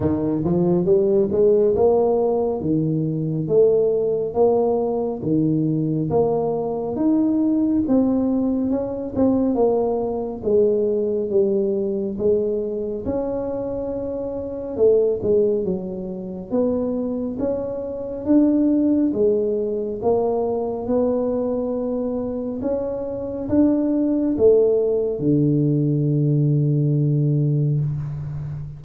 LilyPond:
\new Staff \with { instrumentName = "tuba" } { \time 4/4 \tempo 4 = 69 dis8 f8 g8 gis8 ais4 dis4 | a4 ais4 dis4 ais4 | dis'4 c'4 cis'8 c'8 ais4 | gis4 g4 gis4 cis'4~ |
cis'4 a8 gis8 fis4 b4 | cis'4 d'4 gis4 ais4 | b2 cis'4 d'4 | a4 d2. | }